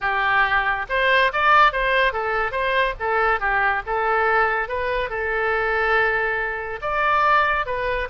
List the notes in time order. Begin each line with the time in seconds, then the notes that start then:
0.00 G4
0.89 C5
1.32 D5
1.72 C5
2.13 A4
2.51 C5
2.99 A4
3.39 G4
3.86 A4
4.68 B4
5.09 A4
6.81 D5
7.65 B4